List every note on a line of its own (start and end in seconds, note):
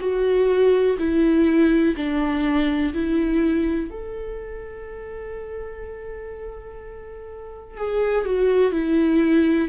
0.00 0.97 F#4
0.98 1.95 E4
1.96 2.93 D4
2.93 3.90 E4
3.90 7.77 A4
7.77 8.25 G#4
8.25 8.72 F#4
8.72 9.68 E4